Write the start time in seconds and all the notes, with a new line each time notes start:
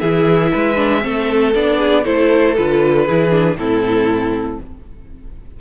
0.00 E3 E4 G#4 E5
0.52 G#3 B4
0.76 D4
1.01 A3 C4 A4
1.55 B3 D4 D5
1.79 G#4
2.03 A3 E4 A4 C5
2.57 D3 F4 B4
3.06 E3 E4 G#4
3.30 D4
3.56 A2 C4 E4 A4